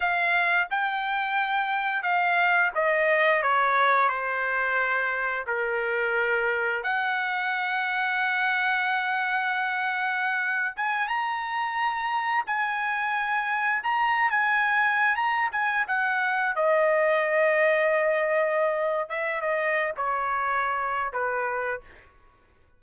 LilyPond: \new Staff \with { instrumentName = "trumpet" } { \time 4/4 \tempo 4 = 88 f''4 g''2 f''4 | dis''4 cis''4 c''2 | ais'2 fis''2~ | fis''2.~ fis''8. gis''16~ |
gis''16 ais''2 gis''4.~ gis''16~ | gis''16 ais''8. gis''4~ gis''16 ais''8 gis''8 fis''8.~ | fis''16 dis''2.~ dis''8. | e''8 dis''8. cis''4.~ cis''16 b'4 | }